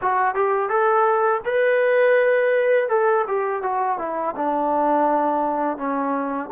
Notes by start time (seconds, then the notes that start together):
0.01 F#4
0.35 G4
0.69 A4
1.45 B4
2.88 A4
3.27 G4
3.62 F#4
3.98 E4
4.35 D4
5.77 C#4